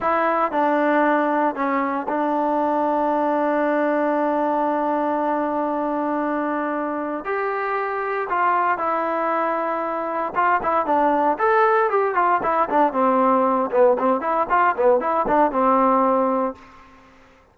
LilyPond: \new Staff \with { instrumentName = "trombone" } { \time 4/4 \tempo 4 = 116 e'4 d'2 cis'4 | d'1~ | d'1~ | d'2 g'2 |
f'4 e'2. | f'8 e'8 d'4 a'4 g'8 f'8 | e'8 d'8 c'4. b8 c'8 e'8 | f'8 b8 e'8 d'8 c'2 | }